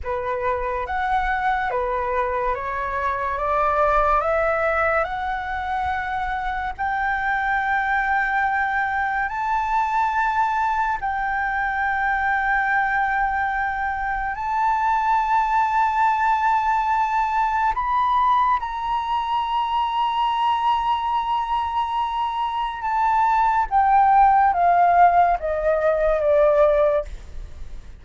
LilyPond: \new Staff \with { instrumentName = "flute" } { \time 4/4 \tempo 4 = 71 b'4 fis''4 b'4 cis''4 | d''4 e''4 fis''2 | g''2. a''4~ | a''4 g''2.~ |
g''4 a''2.~ | a''4 b''4 ais''2~ | ais''2. a''4 | g''4 f''4 dis''4 d''4 | }